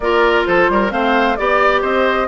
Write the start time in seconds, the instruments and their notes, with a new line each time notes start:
0.00 bassoon A#3, clarinet F4, oboe A#4, flute D5
0.45 bassoon F3, oboe A4, flute C5
0.69 bassoon G3, oboe A#4
0.90 bassoon A3, clarinet C4, oboe C5, flute F5
1.36 bassoon B3, clarinet G4, flute D5, oboe D5
1.81 bassoon C4, oboe C5, flute D#5